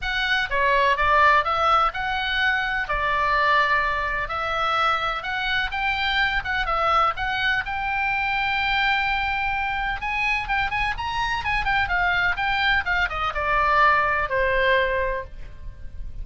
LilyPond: \new Staff \with { instrumentName = "oboe" } { \time 4/4 \tempo 4 = 126 fis''4 cis''4 d''4 e''4 | fis''2 d''2~ | d''4 e''2 fis''4 | g''4. fis''8 e''4 fis''4 |
g''1~ | g''4 gis''4 g''8 gis''8 ais''4 | gis''8 g''8 f''4 g''4 f''8 dis''8 | d''2 c''2 | }